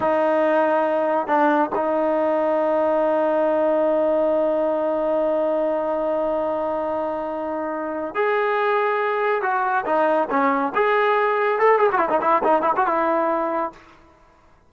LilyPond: \new Staff \with { instrumentName = "trombone" } { \time 4/4 \tempo 4 = 140 dis'2. d'4 | dis'1~ | dis'1~ | dis'1~ |
dis'2. gis'4~ | gis'2 fis'4 dis'4 | cis'4 gis'2 a'8 gis'16 fis'16 | e'16 dis'16 e'8 dis'8 e'16 fis'16 e'2 | }